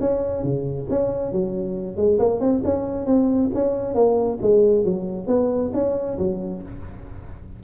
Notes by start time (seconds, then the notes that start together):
0.00 C#4
0.43 C#3
0.90 C#4
1.32 F#3
1.97 G#3
2.19 A#3
2.40 C4
2.64 C#4
3.06 C4
3.54 C#4
3.94 A#3
4.42 G#3
4.84 F#3
5.27 B3
5.74 C#4
6.18 F#3